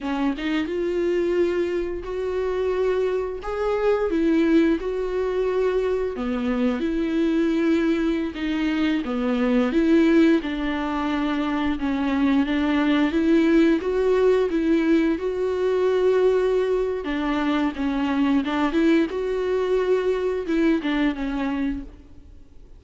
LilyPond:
\new Staff \with { instrumentName = "viola" } { \time 4/4 \tempo 4 = 88 cis'8 dis'8 f'2 fis'4~ | fis'4 gis'4 e'4 fis'4~ | fis'4 b4 e'2~ | e'16 dis'4 b4 e'4 d'8.~ |
d'4~ d'16 cis'4 d'4 e'8.~ | e'16 fis'4 e'4 fis'4.~ fis'16~ | fis'4 d'4 cis'4 d'8 e'8 | fis'2 e'8 d'8 cis'4 | }